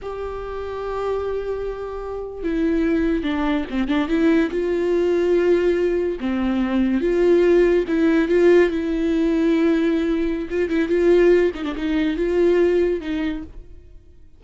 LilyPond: \new Staff \with { instrumentName = "viola" } { \time 4/4 \tempo 4 = 143 g'1~ | g'4.~ g'16 e'2 d'16~ | d'8. c'8 d'8 e'4 f'4~ f'16~ | f'2~ f'8. c'4~ c'16~ |
c'8. f'2 e'4 f'16~ | f'8. e'2.~ e'16~ | e'4 f'8 e'8 f'4. dis'16 d'16 | dis'4 f'2 dis'4 | }